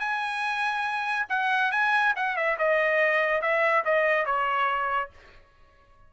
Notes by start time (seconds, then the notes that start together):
0.00 G#5
1.30 F#5
1.72 G#5
2.16 F#5
2.37 E5
2.59 D#5
3.42 E5
3.85 D#5
4.26 C#5